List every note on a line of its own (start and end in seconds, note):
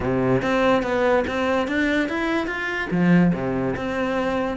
0.00 0.41 C3
0.42 0.82 C4
0.82 1.24 B3
1.27 1.67 C4
1.67 2.08 D4
2.08 2.46 E4
2.46 2.88 F4
2.90 3.32 F3
3.33 3.75 C3
3.76 4.57 C4